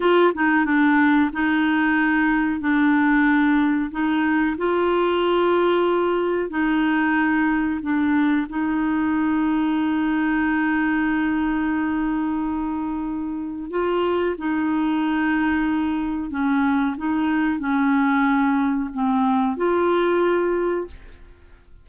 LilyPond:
\new Staff \with { instrumentName = "clarinet" } { \time 4/4 \tempo 4 = 92 f'8 dis'8 d'4 dis'2 | d'2 dis'4 f'4~ | f'2 dis'2 | d'4 dis'2.~ |
dis'1~ | dis'4 f'4 dis'2~ | dis'4 cis'4 dis'4 cis'4~ | cis'4 c'4 f'2 | }